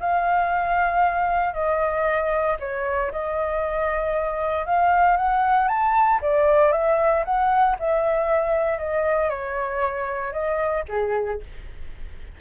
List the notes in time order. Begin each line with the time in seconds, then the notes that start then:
0.00 F5
1.54 D#5
2.60 C#5
3.12 D#5
4.66 F5
5.17 F#5
5.68 A5
6.22 D5
6.72 E5
7.25 F#5
7.79 E5
8.78 D#5
9.30 C#5
10.33 D#5
10.89 G#4